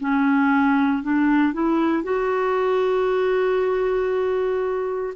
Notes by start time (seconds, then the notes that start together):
0.00 C#4
1.03 D4
1.53 E4
2.03 F#4